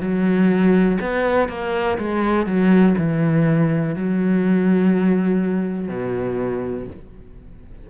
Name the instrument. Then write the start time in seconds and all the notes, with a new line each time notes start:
cello
0.00 F#3
1.01 B3
1.48 A#3
1.99 G#3
2.46 F#3
2.98 E3
3.95 F#3
5.88 B2